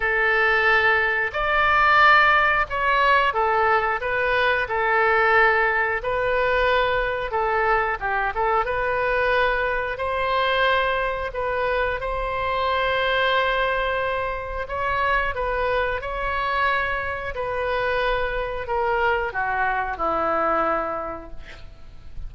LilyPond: \new Staff \with { instrumentName = "oboe" } { \time 4/4 \tempo 4 = 90 a'2 d''2 | cis''4 a'4 b'4 a'4~ | a'4 b'2 a'4 | g'8 a'8 b'2 c''4~ |
c''4 b'4 c''2~ | c''2 cis''4 b'4 | cis''2 b'2 | ais'4 fis'4 e'2 | }